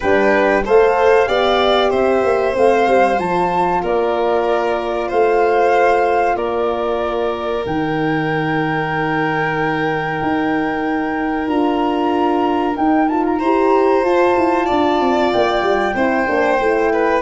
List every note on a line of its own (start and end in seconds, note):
0.00 0.66 G3
0.00 0.64 D4
0.00 0.63 B4
0.00 0.65 G5
0.64 1.28 A3
0.64 1.27 A4
0.64 1.28 C5
0.64 1.90 F5
1.27 1.92 B3
1.27 2.53 G4
1.27 1.89 D5
1.89 2.23 C4
1.89 3.81 C5
1.89 2.54 E5
2.23 2.55 A#3
2.53 2.87 A3
2.53 3.17 C4
2.53 3.19 F5
2.87 3.18 G3
3.18 3.82 F3
3.18 7.64 F4
3.18 3.82 A5
3.82 5.11 A#3
3.82 5.08 A#4
3.82 5.09 D5
5.08 6.35 A3
5.08 6.35 C5
5.08 6.36 F5
6.35 7.63 A#3
6.35 13.38 A#4
6.35 7.64 D5
7.64 10.21 D#3
7.64 11.47 D#4
7.64 11.47 G5
10.22 11.48 D#4
11.47 12.75 D4
11.47 12.75 F4
11.47 12.75 A#5
12.76 13.08 D#4
12.76 13.40 D#4
12.76 13.08 G5
13.08 13.41 F4
13.08 13.24 A5
13.25 14.04 A#5
13.38 14.03 E4
13.38 14.05 G4
13.38 14.66 C5
14.03 14.34 F4
14.03 15.95 F4
14.03 15.31 A5
14.37 14.69 E4
14.66 15.00 D4
14.66 15.93 D5
15.00 15.32 C4
15.32 15.61 A#3
15.32 17.21 G5
15.61 15.93 G3
15.95 16.26 C4
15.95 16.27 E4
15.95 16.92 C5
16.27 16.60 A#3
16.27 16.59 D4
16.60 17.21 A3
16.60 17.21 E4
16.92 17.21 B4